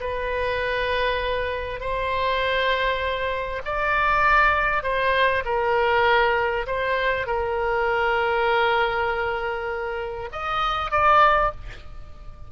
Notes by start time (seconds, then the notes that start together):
0.00 B4
1.80 C5
3.65 D5
4.82 C5
5.44 A#4
6.66 C5
7.26 A#4
10.32 D#5
10.90 D5